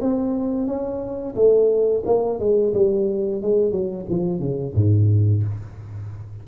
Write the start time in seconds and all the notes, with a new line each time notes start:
0.00 C4
0.67 C#4
1.35 A3
2.05 A#3
2.39 G#3
2.73 G3
3.41 G#3
3.71 F#3
4.09 F3
4.39 C#3
4.74 G#2